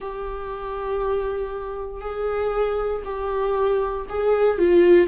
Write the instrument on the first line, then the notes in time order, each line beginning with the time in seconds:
viola
0.00 G4
2.00 G#4
3.04 G4
4.09 G#4
4.58 F4